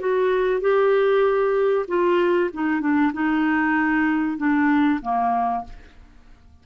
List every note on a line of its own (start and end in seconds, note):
0.00 0.61 F#4
0.61 1.86 G4
1.88 2.50 F4
2.54 2.81 D#4
2.81 3.12 D4
3.13 4.38 D#4
4.38 5.00 D4
5.02 5.64 A#3